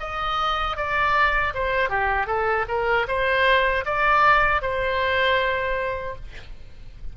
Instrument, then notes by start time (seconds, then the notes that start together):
oboe
0.00 D#5
0.77 D5
1.54 C5
1.90 G4
2.27 A4
2.68 A#4
3.08 C5
3.85 D5
4.62 C5